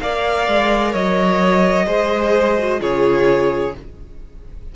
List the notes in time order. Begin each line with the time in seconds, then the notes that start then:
0.00 A#3 A#4 D5 F5
0.47 G#3
0.92 F#3 C#5 D#5
1.86 G#3 G#4 C5
2.58 F#4
2.79 C#3 F4 G#4 C#5